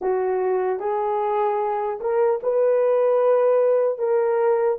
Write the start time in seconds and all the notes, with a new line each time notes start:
0.01 F#4
0.79 G#4
2.00 A#4
2.43 B4
3.98 A#4